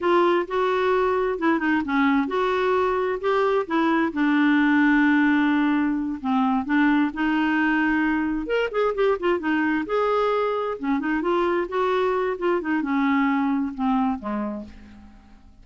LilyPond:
\new Staff \with { instrumentName = "clarinet" } { \time 4/4 \tempo 4 = 131 f'4 fis'2 e'8 dis'8 | cis'4 fis'2 g'4 | e'4 d'2.~ | d'4. c'4 d'4 dis'8~ |
dis'2~ dis'8 ais'8 gis'8 g'8 | f'8 dis'4 gis'2 cis'8 | dis'8 f'4 fis'4. f'8 dis'8 | cis'2 c'4 gis4 | }